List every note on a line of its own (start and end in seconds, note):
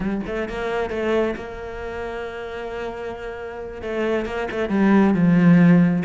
0.00 0.21 G3
0.26 0.48 A3
0.48 0.90 A#3
0.90 1.35 A3
1.36 3.82 A#3
3.82 4.25 A3
4.25 4.48 A#3
4.51 4.69 A3
4.69 5.14 G3
5.14 6.03 F3